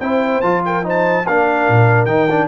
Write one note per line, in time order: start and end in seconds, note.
0.00 0.41 C4
0.00 0.43 E4
0.00 0.64 C5
0.00 0.41 G5
0.41 1.25 F3
0.41 0.83 F4
0.41 0.62 A5
0.65 0.85 A#4
0.65 0.86 G5
0.83 1.24 D#4
0.83 1.26 C5
0.89 1.27 A5
1.27 1.68 A#3
1.27 2.08 D4
1.27 2.47 A#4
1.27 2.05 F5
1.68 2.05 A#2
2.05 2.46 D#3
2.05 2.28 D#4
2.05 2.47 G5
2.30 2.47 D4